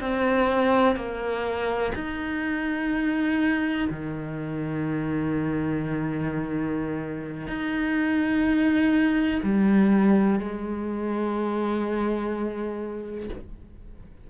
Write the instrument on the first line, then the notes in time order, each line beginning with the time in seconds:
cello
0.00 C4
0.96 A#3
1.94 D#4
3.90 D#3
7.47 D#4
9.43 G3
10.39 G#3